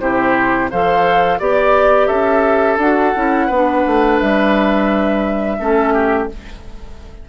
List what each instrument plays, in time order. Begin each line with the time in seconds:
0.00 bassoon C3, clarinet E4, oboe G4, flute C5
0.70 bassoon F3, clarinet A4, oboe C5, flute F5
1.39 bassoon B3, clarinet G4, oboe D5, flute D5
2.07 bassoon C#4, oboe A4, flute E5
2.77 bassoon D4, clarinet F#4, flute F#5
3.15 bassoon C#4, clarinet E4
3.47 bassoon B3, oboe B4
3.54 clarinet D4
3.86 bassoon A3
4.19 bassoon G3, flute E5
5.59 bassoon A3, clarinet C#4, oboe A4
5.93 oboe G4